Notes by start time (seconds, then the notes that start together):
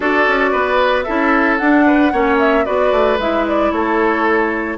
0.00 D4 F#4 A4 D5
0.27 C#4
0.51 B3 B4
1.03 C#4 E4 A4 E5
1.57 D4 F#5
1.86 B4
2.12 A#3 C#4 C#5
2.38 E5
2.64 B3 F#4 B4 D5
2.92 A3
3.18 G#3 E4 E5
3.47 D5
3.71 A3 A4 C#5